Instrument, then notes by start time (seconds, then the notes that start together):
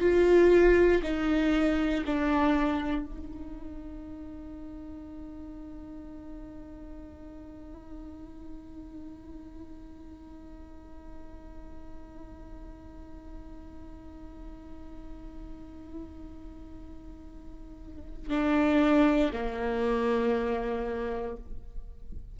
viola
0.00 F4
1.03 D#4
2.06 D4
3.06 D#4
18.30 D4
19.33 A#3